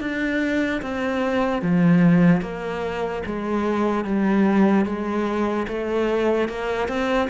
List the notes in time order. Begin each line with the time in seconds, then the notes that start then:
0.00 D4
0.81 C4
1.61 F3
2.41 A#3
3.25 G#3
4.04 G3
4.85 G#3
5.68 A3
6.48 A#3
6.88 C4